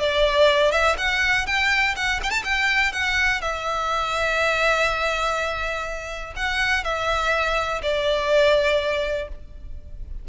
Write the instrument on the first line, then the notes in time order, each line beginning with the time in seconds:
violin
0.00 D5
0.72 E5
0.98 F#5
1.47 G5
1.96 F#5
2.24 G5
2.31 A5
2.44 G5
2.93 F#5
3.41 E5
6.36 F#5
6.84 E5
7.83 D5